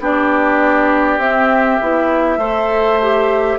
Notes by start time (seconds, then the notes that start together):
0.00 B3 D4 G4 D5
1.19 C4 E5
1.81 B3 E4
2.38 A3 A4 C5
3.02 G4